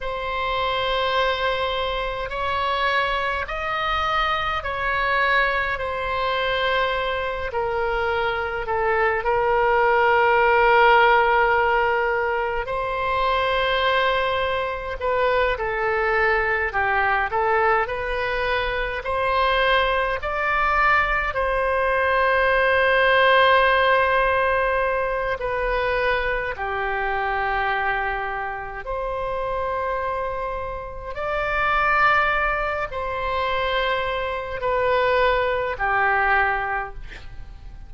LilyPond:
\new Staff \with { instrumentName = "oboe" } { \time 4/4 \tempo 4 = 52 c''2 cis''4 dis''4 | cis''4 c''4. ais'4 a'8 | ais'2. c''4~ | c''4 b'8 a'4 g'8 a'8 b'8~ |
b'8 c''4 d''4 c''4.~ | c''2 b'4 g'4~ | g'4 c''2 d''4~ | d''8 c''4. b'4 g'4 | }